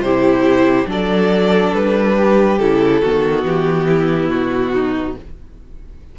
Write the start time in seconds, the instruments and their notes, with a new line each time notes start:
0.00 cello C3, violin G4 C5
0.06 viola E4
0.87 cello F#3, viola D4, violin A4 D5
1.74 cello G3, violin B4
2.17 violin G4
2.59 cello C#3, viola E4, violin A4
3.02 cello D#3, viola B3, violin F#4
3.45 cello E3, violin G4
3.89 violin E4
4.30 cello B2, violin F#4
4.73 violin D#4